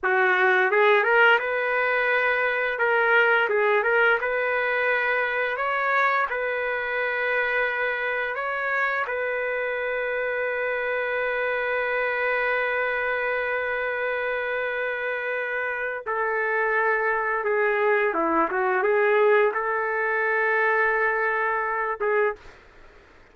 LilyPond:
\new Staff \with { instrumentName = "trumpet" } { \time 4/4 \tempo 4 = 86 fis'4 gis'8 ais'8 b'2 | ais'4 gis'8 ais'8 b'2 | cis''4 b'2. | cis''4 b'2.~ |
b'1~ | b'2. a'4~ | a'4 gis'4 e'8 fis'8 gis'4 | a'2.~ a'8 gis'8 | }